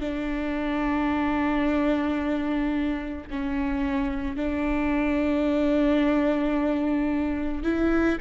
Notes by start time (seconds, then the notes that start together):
0.00 D4
3.30 C#4
4.36 D4
7.63 E4